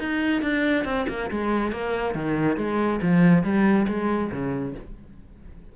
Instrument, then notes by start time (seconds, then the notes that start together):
cello
0.00 D#4
0.42 D4
0.85 C4
1.09 A#3
1.31 G#3
1.72 A#3
2.15 D#3
2.57 G#3
3.02 F3
3.44 G3
3.88 G#3
4.32 C#3